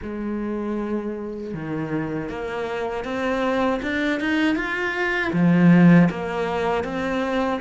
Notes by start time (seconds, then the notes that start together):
0.02 G#3
1.54 D#3
2.29 A#3
3.04 C4
3.82 D4
4.20 D#4
4.55 F4
5.33 F3
6.10 A#3
6.84 C4